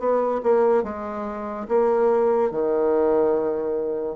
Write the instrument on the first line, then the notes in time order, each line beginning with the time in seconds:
bassoon
0.00 B3
0.44 A#3
0.84 G#3
1.69 A#3
2.51 D#3